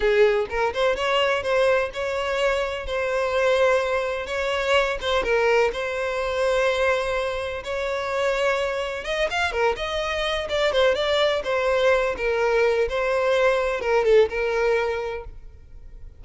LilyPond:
\new Staff \with { instrumentName = "violin" } { \time 4/4 \tempo 4 = 126 gis'4 ais'8 c''8 cis''4 c''4 | cis''2 c''2~ | c''4 cis''4. c''8 ais'4 | c''1 |
cis''2. dis''8 f''8 | ais'8 dis''4. d''8 c''8 d''4 | c''4. ais'4. c''4~ | c''4 ais'8 a'8 ais'2 | }